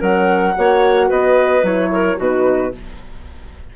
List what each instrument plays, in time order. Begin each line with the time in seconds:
0.00 bassoon F#3, horn C#4, clarinet A#4, flute F#5
0.55 bassoon A#3, horn F#4, clarinet C#5
1.08 bassoon B3, clarinet B4, flute D#5
1.63 bassoon F#3, horn E4, flute C#5
1.92 clarinet A#4
2.17 bassoon B2, horn D#4, clarinet F#4, flute B4